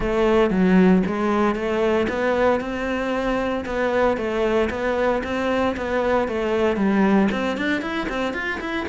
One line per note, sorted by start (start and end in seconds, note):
0.00 0.50 A3
0.50 1.02 F#3
1.06 1.55 G#3
1.55 2.07 A3
2.08 2.60 B3
2.60 3.64 C4
3.65 4.17 B3
4.17 4.69 A3
4.70 5.22 B3
5.23 5.75 C4
5.76 6.28 B3
6.28 6.76 A3
6.76 7.28 G3
7.31 7.57 C4
7.57 7.81 D4
7.81 8.07 E4
8.09 8.33 C4
8.33 8.59 F4
8.60 8.86 E4